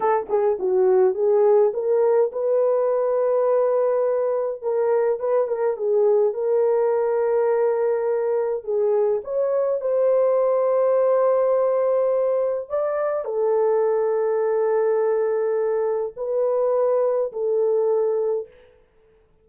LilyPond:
\new Staff \with { instrumentName = "horn" } { \time 4/4 \tempo 4 = 104 a'8 gis'8 fis'4 gis'4 ais'4 | b'1 | ais'4 b'8 ais'8 gis'4 ais'4~ | ais'2. gis'4 |
cis''4 c''2.~ | c''2 d''4 a'4~ | a'1 | b'2 a'2 | }